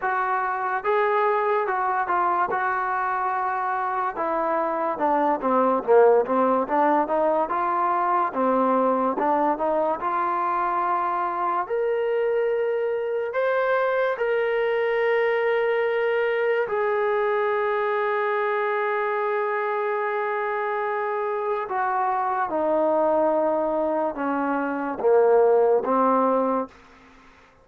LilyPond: \new Staff \with { instrumentName = "trombone" } { \time 4/4 \tempo 4 = 72 fis'4 gis'4 fis'8 f'8 fis'4~ | fis'4 e'4 d'8 c'8 ais8 c'8 | d'8 dis'8 f'4 c'4 d'8 dis'8 | f'2 ais'2 |
c''4 ais'2. | gis'1~ | gis'2 fis'4 dis'4~ | dis'4 cis'4 ais4 c'4 | }